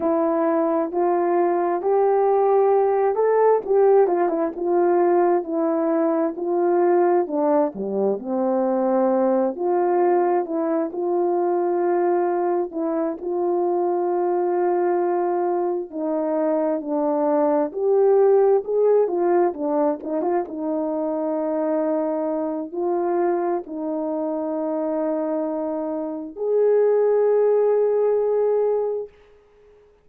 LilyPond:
\new Staff \with { instrumentName = "horn" } { \time 4/4 \tempo 4 = 66 e'4 f'4 g'4. a'8 | g'8 f'16 e'16 f'4 e'4 f'4 | d'8 g8 c'4. f'4 e'8 | f'2 e'8 f'4.~ |
f'4. dis'4 d'4 g'8~ | g'8 gis'8 f'8 d'8 dis'16 f'16 dis'4.~ | dis'4 f'4 dis'2~ | dis'4 gis'2. | }